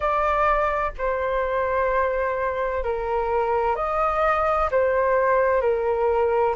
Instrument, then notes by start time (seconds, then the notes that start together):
flute
0.00 D5
0.98 C5
2.83 A#4
3.75 D#5
4.71 C5
5.61 A#4